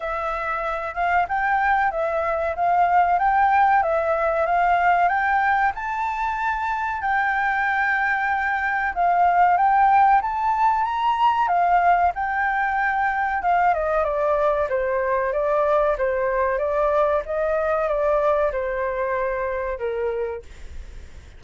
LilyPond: \new Staff \with { instrumentName = "flute" } { \time 4/4 \tempo 4 = 94 e''4. f''8 g''4 e''4 | f''4 g''4 e''4 f''4 | g''4 a''2 g''4~ | g''2 f''4 g''4 |
a''4 ais''4 f''4 g''4~ | g''4 f''8 dis''8 d''4 c''4 | d''4 c''4 d''4 dis''4 | d''4 c''2 ais'4 | }